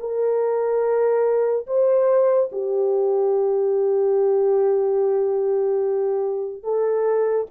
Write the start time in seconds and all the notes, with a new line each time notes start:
0.00 A#4
1.67 C5
2.52 G4
6.63 A4